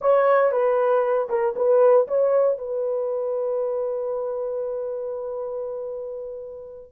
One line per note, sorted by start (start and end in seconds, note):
0.01 0.51 C#5
0.51 1.28 B4
1.29 1.54 A#4
1.55 2.07 B4
2.07 2.58 C#5
2.58 6.92 B4